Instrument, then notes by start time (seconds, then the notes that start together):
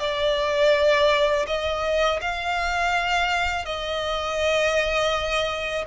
violin
0.00 D5
1.47 D#5
2.22 F5
3.65 D#5